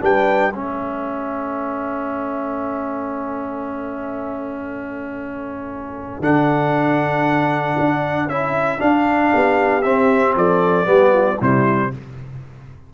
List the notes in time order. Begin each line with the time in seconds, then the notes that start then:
0.00 G3 D4 B4 G5
0.53 A3 C#4 A4 E5
6.20 D3 D4 F#5
7.78 D4
8.27 C#4 E4 E5
8.78 D4 F5
9.33 B3 G4
9.82 C4 E5
10.35 F3 A4 D5
10.85 G3 B3 G4
11.13 F4
11.39 C3 G3 E4 C5